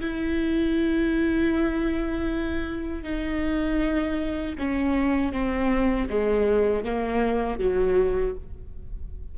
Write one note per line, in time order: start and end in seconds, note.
0.00 3.03 E4
3.03 4.55 D#4
4.58 5.32 C#4
5.32 6.08 C4
6.09 6.84 G#3
6.84 7.58 A#3
7.58 8.34 F#3